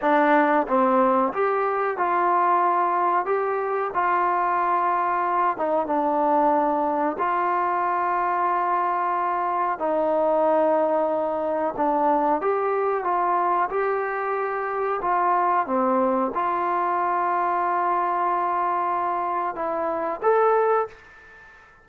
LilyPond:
\new Staff \with { instrumentName = "trombone" } { \time 4/4 \tempo 4 = 92 d'4 c'4 g'4 f'4~ | f'4 g'4 f'2~ | f'8 dis'8 d'2 f'4~ | f'2. dis'4~ |
dis'2 d'4 g'4 | f'4 g'2 f'4 | c'4 f'2.~ | f'2 e'4 a'4 | }